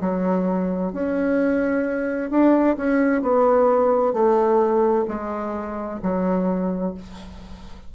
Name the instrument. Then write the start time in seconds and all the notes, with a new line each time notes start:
bassoon
0.00 F#3
0.92 C#4
2.30 D4
2.77 C#4
3.21 B3
4.12 A3
5.08 G#3
6.02 F#3